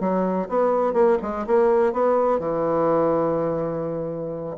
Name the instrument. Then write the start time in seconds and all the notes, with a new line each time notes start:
bassoon
0.00 F#3
0.49 B3
0.93 A#3
1.22 G#3
1.47 A#3
1.93 B3
2.39 E3